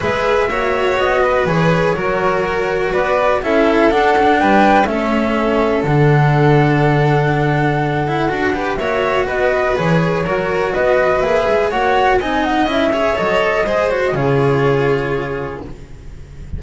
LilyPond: <<
  \new Staff \with { instrumentName = "flute" } { \time 4/4 \tempo 4 = 123 e''2 dis''4 cis''4~ | cis''2 d''4 e''4 | fis''4 g''4 e''2 | fis''1~ |
fis''2 e''4 dis''4 | cis''2 dis''4 e''4 | fis''4 gis''8 fis''8 e''4 dis''4~ | dis''8 cis''16 dis''16 cis''2. | }
  \new Staff \with { instrumentName = "violin" } { \time 4/4 b'4 cis''4. b'4. | ais'2 b'4 a'4~ | a'4 b'4 a'2~ | a'1~ |
a'4. b'8 cis''4 b'4~ | b'4 ais'4 b'2 | cis''4 dis''4. cis''4. | c''4 gis'2. | }
  \new Staff \with { instrumentName = "cello" } { \time 4/4 gis'4 fis'2 gis'4 | fis'2. e'4 | d'8 cis'16 d'4~ d'16 cis'2 | d'1~ |
d'8 e'8 fis'8 g'8 fis'2 | gis'4 fis'2 gis'4 | fis'4 dis'4 e'8 gis'8 a'4 | gis'8 fis'8 f'2. | }
  \new Staff \with { instrumentName = "double bass" } { \time 4/4 gis4 ais4 b4 e4 | fis2 b4 cis'4 | d'4 g4 a2 | d1~ |
d4 d'4 ais4 b4 | e4 fis4 b4 ais8 gis8 | ais4 c'4 cis'4 fis4 | gis4 cis2. | }
>>